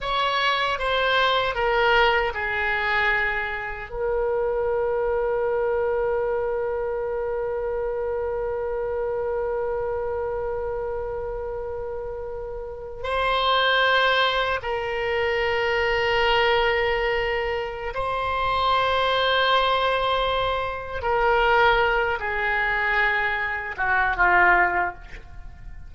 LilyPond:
\new Staff \with { instrumentName = "oboe" } { \time 4/4 \tempo 4 = 77 cis''4 c''4 ais'4 gis'4~ | gis'4 ais'2.~ | ais'1~ | ais'1~ |
ais'8. c''2 ais'4~ ais'16~ | ais'2. c''4~ | c''2. ais'4~ | ais'8 gis'2 fis'8 f'4 | }